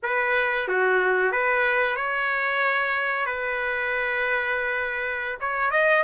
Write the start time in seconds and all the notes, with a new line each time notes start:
0.02 B4
0.68 F#4
1.32 B4
1.96 C#5
3.25 B4
5.40 C#5
5.70 D#5